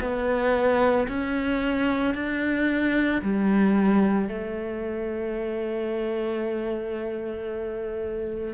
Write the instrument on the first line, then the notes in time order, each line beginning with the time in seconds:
cello
0.00 B3
1.08 C#4
2.14 D4
3.22 G3
4.29 A3